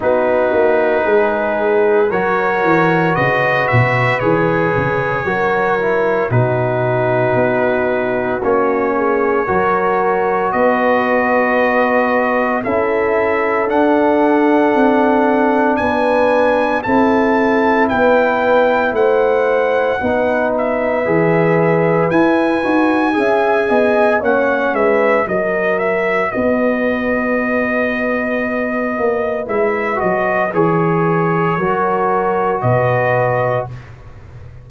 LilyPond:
<<
  \new Staff \with { instrumentName = "trumpet" } { \time 4/4 \tempo 4 = 57 b'2 cis''4 dis''8 e''8 | cis''2 b'2 | cis''2 dis''2 | e''4 fis''2 gis''4 |
a''4 g''4 fis''4. e''8~ | e''4 gis''2 fis''8 e''8 | dis''8 e''8 dis''2. | e''8 dis''8 cis''2 dis''4 | }
  \new Staff \with { instrumentName = "horn" } { \time 4/4 fis'4 gis'4 ais'4 b'4~ | b'4 ais'4 fis'2~ | fis'8 gis'8 ais'4 b'2 | a'2. b'4 |
a'4 b'4 c''4 b'4~ | b'2 e''8 dis''8 cis''8 b'8 | ais'4 b'2.~ | b'2 ais'4 b'4 | }
  \new Staff \with { instrumentName = "trombone" } { \time 4/4 dis'2 fis'2 | gis'4 fis'8 e'8 dis'2 | cis'4 fis'2. | e'4 d'2. |
e'2. dis'4 | gis'4 e'8 fis'8 gis'4 cis'4 | fis'1 | e'8 fis'8 gis'4 fis'2 | }
  \new Staff \with { instrumentName = "tuba" } { \time 4/4 b8 ais8 gis4 fis8 e8 cis8 b,8 | e8 cis8 fis4 b,4 b4 | ais4 fis4 b2 | cis'4 d'4 c'4 b4 |
c'4 b4 a4 b4 | e4 e'8 dis'8 cis'8 b8 ais8 gis8 | fis4 b2~ b8 ais8 | gis8 fis8 e4 fis4 b,4 | }
>>